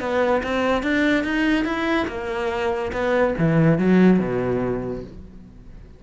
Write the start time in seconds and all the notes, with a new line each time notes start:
0.00 B3
0.43 C4
0.83 D4
1.24 D#4
1.65 E4
2.08 A#3
2.93 B3
3.39 E3
3.78 F#3
4.19 B2